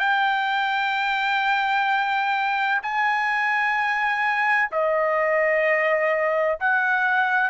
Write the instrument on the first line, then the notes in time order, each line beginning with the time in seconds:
trumpet
0.00 G5
2.83 G#5
4.72 D#5
6.61 F#5